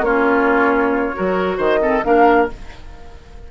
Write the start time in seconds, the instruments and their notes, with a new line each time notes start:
0.00 bassoon A#3, clarinet C#4, oboe F4, flute C#5
1.13 bassoon F#3, clarinet F#4, oboe A#4
1.57 bassoon D#3, oboe C5, flute D#5
1.80 clarinet C4, oboe A4
2.03 bassoon A#3, clarinet D4, oboe A#4, flute F5